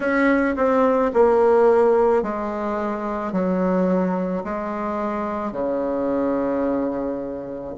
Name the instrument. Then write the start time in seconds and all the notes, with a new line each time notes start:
bassoon
0.00 C#4
0.56 C4
1.13 A#3
2.22 G#3
3.32 F#3
4.44 G#3
5.52 C#3